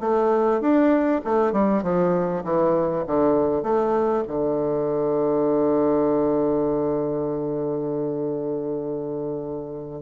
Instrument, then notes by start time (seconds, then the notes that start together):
bassoon
0.00 A3
0.61 D4
1.24 A3
1.52 G3
1.83 F3
2.44 E3
3.07 D3
3.63 A3
4.27 D3